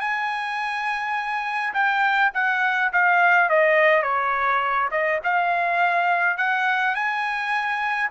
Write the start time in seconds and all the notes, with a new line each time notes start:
0.00 G#5
1.74 G5
2.34 F#5
2.92 F5
3.49 D#5
4.03 C#5
4.91 D#5
5.24 F5
6.37 F#5
6.95 G#5